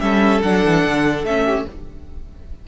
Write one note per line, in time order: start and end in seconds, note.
0.00 0.43 G3
0.00 0.42 C#4
0.00 1.44 A4
0.00 0.41 E5
0.42 0.64 F#3
0.42 1.26 D4
0.42 1.25 F#5
0.64 0.85 E3
0.85 1.24 D3
1.24 1.65 A3
1.24 1.68 C#4
1.24 1.67 E5
1.44 1.65 G4